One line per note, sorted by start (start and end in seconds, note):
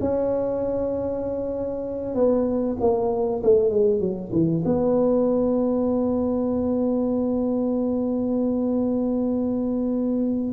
0.00 2.14 C#4
2.14 2.76 B3
2.80 3.42 A#3
3.43 3.70 A3
3.70 4.00 G#3
4.00 4.31 F#3
4.32 4.63 E3
4.65 10.53 B3